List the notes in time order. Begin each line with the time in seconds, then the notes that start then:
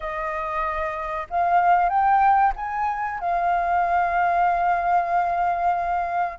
0.00 D#5
1.30 F5
1.89 G5
2.56 G#5
3.20 F5